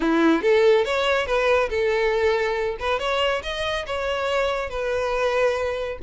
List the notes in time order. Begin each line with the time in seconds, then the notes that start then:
0.00 E4
0.42 A4
0.84 C#5
1.26 B4
1.69 A4
2.79 B4
2.99 C#5
3.42 D#5
3.86 C#5
4.69 B4